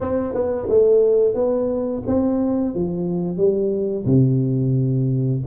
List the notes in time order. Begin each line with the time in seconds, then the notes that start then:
0.00 C4
0.33 B3
0.69 A3
1.34 B3
2.06 C4
2.75 F3
3.37 G3
4.05 C3